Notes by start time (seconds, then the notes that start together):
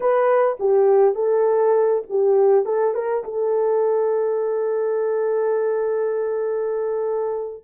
0.00 B4
0.59 G4
1.15 A4
2.09 G4
2.65 A4
2.94 A#4
3.24 A4